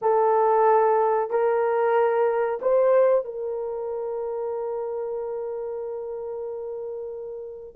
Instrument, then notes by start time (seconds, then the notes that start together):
horn
0.01 A4
1.30 A#4
2.61 C5
3.24 A#4